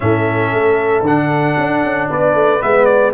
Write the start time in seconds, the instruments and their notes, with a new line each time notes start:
0.00 tuba A2, trombone C#4, horn A4, trumpet E5
0.53 tuba A3
1.01 tuba D3, trombone D4, trumpet F#5
1.58 tuba D4
1.83 tuba C#4
2.09 tuba B3, horn B4, trumpet D5
2.34 tuba A3
2.59 tuba G#3, trombone B3, trumpet E5
2.85 trumpet D5